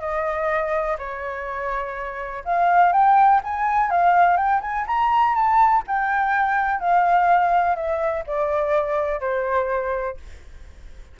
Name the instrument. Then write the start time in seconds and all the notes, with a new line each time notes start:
flute
0.00 D#5
0.99 C#5
2.45 F5
2.92 G5
3.44 G#5
3.90 F5
4.37 G5
4.61 G#5
4.87 A#5
5.35 A5
5.87 G5
6.80 F5
7.76 E5
8.27 D5
9.21 C5